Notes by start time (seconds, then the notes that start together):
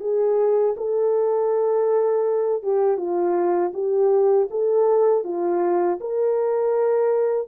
0.00 G#4
0.77 A4
2.63 G4
2.97 F4
3.74 G4
4.50 A4
5.24 F4
6.00 A#4